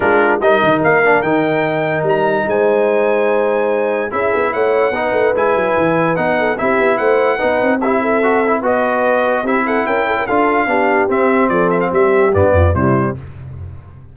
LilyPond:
<<
  \new Staff \with { instrumentName = "trumpet" } { \time 4/4 \tempo 4 = 146 ais'4 dis''4 f''4 g''4~ | g''4 ais''4 gis''2~ | gis''2 e''4 fis''4~ | fis''4 gis''2 fis''4 |
e''4 fis''2 e''4~ | e''4 dis''2 e''8 fis''8 | g''4 f''2 e''4 | d''8 e''16 f''16 e''4 d''4 c''4 | }
  \new Staff \with { instrumentName = "horn" } { \time 4/4 f'4 ais'2.~ | ais'2 c''2~ | c''2 gis'4 cis''4 | b'2.~ b'8 a'8 |
g'4 c''4 b'4 g'8 a'8~ | a'4 b'2 g'8 a'8 | ais'8 a'16 ais'16 a'4 g'2 | a'4 g'4. f'8 e'4 | }
  \new Staff \with { instrumentName = "trombone" } { \time 4/4 d'4 dis'4. d'8 dis'4~ | dis'1~ | dis'2 e'2 | dis'4 e'2 dis'4 |
e'2 dis'4 e'4 | fis'8 e'8 fis'2 e'4~ | e'4 f'4 d'4 c'4~ | c'2 b4 g4 | }
  \new Staff \with { instrumentName = "tuba" } { \time 4/4 gis4 g8 dis8 ais4 dis4~ | dis4 g4 gis2~ | gis2 cis'8 b8 a4 | b8 a8 gis8 fis8 e4 b4 |
c'8 b8 a4 b8 c'4.~ | c'4 b2 c'4 | cis'4 d'4 b4 c'4 | f4 g4 g,8 f,8 c4 | }
>>